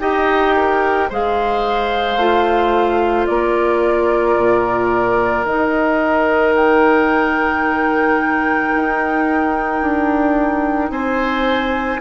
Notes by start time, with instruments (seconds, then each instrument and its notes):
0.00 bassoon D#4, clarinet G4, oboe D#5, flute G5
0.56 oboe A#4
1.09 bassoon G#3, clarinet G#4, oboe C5, flute F5
2.16 bassoon A3, clarinet F4
3.26 bassoon A#3, oboe A#4, flute D5
4.36 bassoon A#2
5.45 bassoon D#3, clarinet D#4, flute D#5
6.55 flute G5
8.75 bassoon D#4
9.82 bassoon D4
10.90 bassoon C4, oboe C5, flute G#5